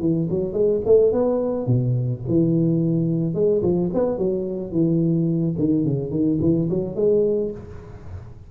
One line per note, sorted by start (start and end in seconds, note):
0.00 0.28 E3
0.30 0.53 F#3
0.53 0.81 G#3
0.86 1.12 A3
1.12 1.67 B3
1.67 2.22 B2
2.28 3.34 E3
3.34 3.62 G#3
3.62 3.90 F3
3.94 4.18 B3
4.18 4.72 F#3
4.72 5.55 E3
5.59 5.85 D#3
5.85 6.11 C#3
6.11 6.39 D#3
6.41 6.69 E3
6.70 6.96 F#3
6.96 7.51 G#3